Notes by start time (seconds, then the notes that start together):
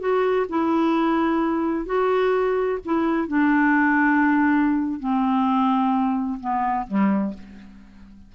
0.00 F#4
0.49 E4
1.86 F#4
2.85 E4
3.28 D4
5.00 C4
6.40 B3
6.88 G3